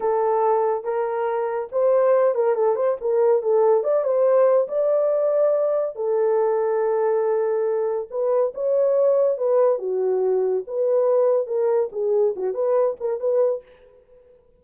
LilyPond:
\new Staff \with { instrumentName = "horn" } { \time 4/4 \tempo 4 = 141 a'2 ais'2 | c''4. ais'8 a'8 c''8 ais'4 | a'4 d''8 c''4. d''4~ | d''2 a'2~ |
a'2. b'4 | cis''2 b'4 fis'4~ | fis'4 b'2 ais'4 | gis'4 fis'8 b'4 ais'8 b'4 | }